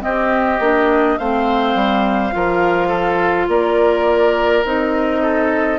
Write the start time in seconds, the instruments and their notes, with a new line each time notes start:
0.00 clarinet C4, bassoon C4, oboe G4, flute D#5
0.60 bassoon A#3, clarinet D4
1.18 bassoon A3, clarinet C4, oboe C5, flute F5
1.75 bassoon G3
2.32 bassoon F3, clarinet F4, oboe A#4
2.88 oboe A4
3.48 bassoon A#3, oboe A#4, flute D5
4.65 bassoon C4, clarinet D#4, flute D#5
5.22 oboe A4